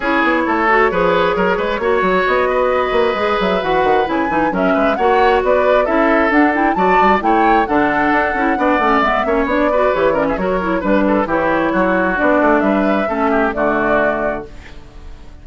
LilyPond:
<<
  \new Staff \with { instrumentName = "flute" } { \time 4/4 \tempo 4 = 133 cis''1~ | cis''4 dis''2~ dis''8 e''8 | fis''4 gis''4 e''4 fis''4 | d''4 e''4 fis''8 g''8 a''4 |
g''4 fis''2. | e''4 d''4 cis''8 d''16 e''16 cis''4 | b'4 cis''2 d''4 | e''2 d''2 | }
  \new Staff \with { instrumentName = "oboe" } { \time 4/4 gis'4 a'4 b'4 ais'8 b'8 | cis''4. b'2~ b'8~ | b'2 ais'8 b'8 cis''4 | b'4 a'2 d''4 |
cis''4 a'2 d''4~ | d''8 cis''4 b'4 ais'16 gis'16 ais'4 | b'8 a'8 g'4 fis'2 | b'4 a'8 g'8 fis'2 | }
  \new Staff \with { instrumentName = "clarinet" } { \time 4/4 e'4. fis'8 gis'2 | fis'2. gis'4 | fis'4 e'8 dis'8 cis'4 fis'4~ | fis'4 e'4 d'8 e'8 fis'4 |
e'4 d'4. e'8 d'8 cis'8 | b8 cis'8 d'8 fis'8 g'8 cis'8 fis'8 e'8 | d'4 e'2 d'4~ | d'4 cis'4 a2 | }
  \new Staff \with { instrumentName = "bassoon" } { \time 4/4 cis'8 b8 a4 f4 fis8 gis8 | ais8 fis8 b4. ais8 gis8 fis8 | e8 dis8 cis8 e8 fis8 gis8 ais4 | b4 cis'4 d'4 fis8 g8 |
a4 d4 d'8 cis'8 b8 a8 | gis8 ais8 b4 e4 fis4 | g4 e4 fis4 b8 a8 | g4 a4 d2 | }
>>